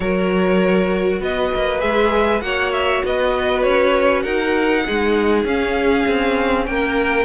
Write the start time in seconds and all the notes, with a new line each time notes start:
0.00 F#3 F#4 A#4 C#5
1.20 B3 B4 D#5
1.55 A#3
1.79 G#3 G#4 E5
2.41 A#3 F#4 C#5 F#5
2.72 E5
3.04 B3 B4 D#5
3.62 C#4 C#5
4.22 D#4 A#4 F#5
4.85 G#3 D#4 G#4
5.44 C#4 F5
6.07 C4
6.66 A#3 A#4 G5